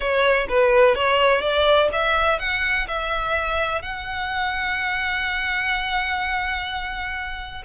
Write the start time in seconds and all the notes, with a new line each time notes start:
0.00 C#5
0.48 B4
0.95 C#5
1.41 D5
1.92 E5
2.39 F#5
2.87 E5
3.82 F#5